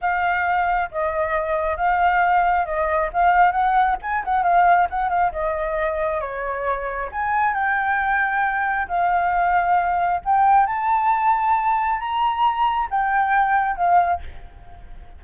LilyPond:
\new Staff \with { instrumentName = "flute" } { \time 4/4 \tempo 4 = 135 f''2 dis''2 | f''2 dis''4 f''4 | fis''4 gis''8 fis''8 f''4 fis''8 f''8 | dis''2 cis''2 |
gis''4 g''2. | f''2. g''4 | a''2. ais''4~ | ais''4 g''2 f''4 | }